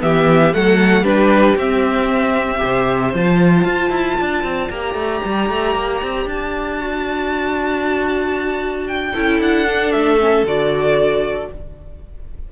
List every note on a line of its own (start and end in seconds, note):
0.00 0.54 E3
0.00 0.52 B3
0.00 0.56 G4
0.00 0.54 E5
0.53 1.03 F#3
0.53 1.04 A3
0.53 1.01 A4
0.53 1.05 F#5
1.01 1.55 G3
1.01 1.57 D4
1.01 2.58 G4
1.01 1.57 B4
1.56 2.60 C4
1.56 2.58 C4
1.56 3.15 E5
2.58 3.14 C3
2.58 3.10 G4
2.64 4.19 C5
3.14 3.65 F3
3.14 4.72 F4
3.14 4.71 A5
3.65 3.90 F4
3.90 4.16 E4
4.19 4.44 D4
4.19 9.13 D5
4.44 4.70 C4
4.70 4.94 A#3
4.70 6.80 G4
4.70 6.27 A#5
4.94 5.20 A3
5.25 5.50 G3
5.50 5.75 A3
5.75 6.01 A#3
6.02 6.26 C4
6.26 9.13 D4
6.26 8.88 A5
6.80 9.15 F#4
8.88 9.40 G5
9.13 9.40 C#4
9.13 9.67 E4
9.13 11.48 A4
9.40 9.93 D4
9.40 9.92 F#5
9.67 10.19 D4
9.92 10.44 A3
9.92 10.45 E5
10.19 10.45 C#4
10.44 11.48 D3
10.44 11.51 F#4
10.44 11.52 D5